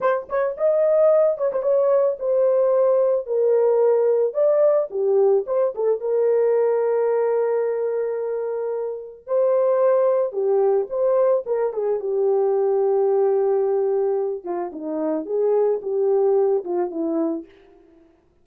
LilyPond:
\new Staff \with { instrumentName = "horn" } { \time 4/4 \tempo 4 = 110 c''8 cis''8 dis''4. cis''16 c''16 cis''4 | c''2 ais'2 | d''4 g'4 c''8 a'8 ais'4~ | ais'1~ |
ais'4 c''2 g'4 | c''4 ais'8 gis'8 g'2~ | g'2~ g'8 f'8 dis'4 | gis'4 g'4. f'8 e'4 | }